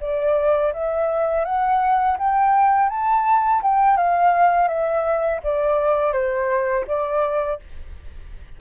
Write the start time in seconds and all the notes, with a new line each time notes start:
0.00 D5
0.73 E5
1.45 F#5
2.18 G5
2.89 A5
3.62 G5
3.97 F5
4.68 E5
5.43 D5
6.12 C5
6.87 D5